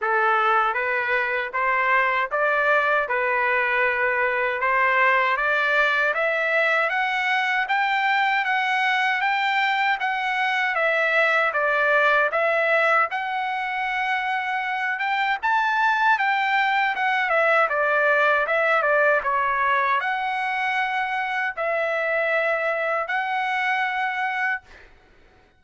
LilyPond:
\new Staff \with { instrumentName = "trumpet" } { \time 4/4 \tempo 4 = 78 a'4 b'4 c''4 d''4 | b'2 c''4 d''4 | e''4 fis''4 g''4 fis''4 | g''4 fis''4 e''4 d''4 |
e''4 fis''2~ fis''8 g''8 | a''4 g''4 fis''8 e''8 d''4 | e''8 d''8 cis''4 fis''2 | e''2 fis''2 | }